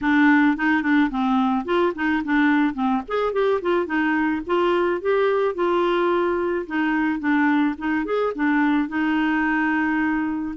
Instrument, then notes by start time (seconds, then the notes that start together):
clarinet
0.01 D4
0.56 D#4
0.82 D4
1.10 C4
1.65 F4
1.95 D#4
2.24 D4
2.74 C4
3.07 G#4
3.33 G4
3.61 F4
3.86 D#4
4.46 F4
5.01 G4
5.54 F4
6.66 D#4
7.19 D4
7.78 D#4
8.05 G#4
8.35 D4
8.88 D#4